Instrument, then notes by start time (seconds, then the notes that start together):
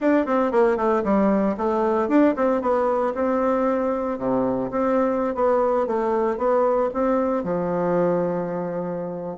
bassoon
0.00 D4
0.26 C4
0.51 A#3
0.76 A3
1.04 G3
1.57 A3
2.08 D4
2.36 C4
2.61 B3
3.14 C4
4.18 C3
4.71 C4
5.34 B3
5.86 A3
6.37 B3
6.93 C4
7.43 F3